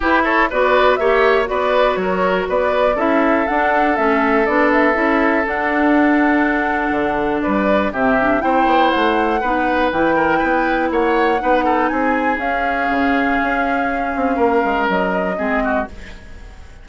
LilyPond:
<<
  \new Staff \with { instrumentName = "flute" } { \time 4/4 \tempo 4 = 121 b'8 cis''8 d''4 e''4 d''4 | cis''4 d''4 e''4 fis''4 | e''4 d''8 e''4. fis''4~ | fis''2. d''4 |
e''4 g''4 fis''2 | g''2 fis''2 | gis''4 f''2.~ | f''2 dis''2 | }
  \new Staff \with { instrumentName = "oboe" } { \time 4/4 g'8 a'8 b'4 cis''4 b'4 | ais'4 b'4 a'2~ | a'1~ | a'2. b'4 |
g'4 c''2 b'4~ | b'8 ais'8 b'4 cis''4 b'8 a'8 | gis'1~ | gis'4 ais'2 gis'8 fis'8 | }
  \new Staff \with { instrumentName = "clarinet" } { \time 4/4 e'4 fis'4 g'4 fis'4~ | fis'2 e'4 d'4 | cis'4 d'4 e'4 d'4~ | d'1 |
c'8 d'8 e'2 dis'4 | e'2. dis'4~ | dis'4 cis'2.~ | cis'2. c'4 | }
  \new Staff \with { instrumentName = "bassoon" } { \time 4/4 e'4 b4 ais4 b4 | fis4 b4 cis'4 d'4 | a4 b4 cis'4 d'4~ | d'2 d4 g4 |
c4 c'8 b8 a4 b4 | e4 b4 ais4 b4 | c'4 cis'4 cis4 cis'4~ | cis'8 c'8 ais8 gis8 fis4 gis4 | }
>>